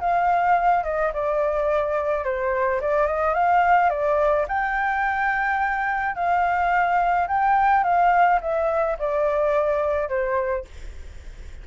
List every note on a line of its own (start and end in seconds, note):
0.00 0.83 F5
0.83 1.11 D#5
1.13 2.24 D5
2.24 2.80 C5
2.81 3.07 D5
3.07 3.34 D#5
3.34 3.90 F5
3.90 4.46 D5
4.48 6.15 G5
6.15 7.27 F5
7.27 7.84 G5
7.84 8.40 F5
8.41 8.97 E5
8.99 10.09 D5
10.09 10.65 C5